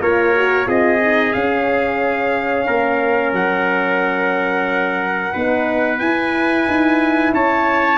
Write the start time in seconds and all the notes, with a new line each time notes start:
0.00 A#3 F4 A#4 C#5
0.35 F#4
0.66 C4 F4 G#4 D#5
1.02 D#4
1.33 C#4 F5
2.66 A#3 A#4
3.32 F#3 F#5
5.33 B3 D#4 B4
5.99 E4 G#5
6.68 D#4
7.33 C#4 C#5 A5